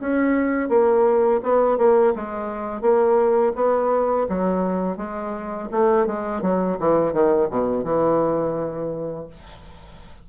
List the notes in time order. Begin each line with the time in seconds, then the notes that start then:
0.00 C#4
0.69 A#3
1.43 B3
1.78 A#3
2.15 G#3
2.81 A#3
3.55 B3
4.29 F#3
4.97 G#3
5.71 A3
6.06 G#3
6.42 F#3
6.79 E3
7.13 D#3
7.50 B2
7.84 E3